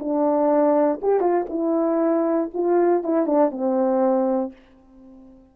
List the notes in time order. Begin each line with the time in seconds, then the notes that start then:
0.00 D4
1.02 G4
1.21 F4
1.50 E4
2.54 F4
3.04 E4
3.27 D4
3.52 C4